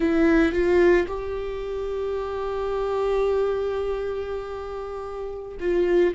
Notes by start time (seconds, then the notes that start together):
0.00 E4
0.52 F4
1.07 G4
5.59 F4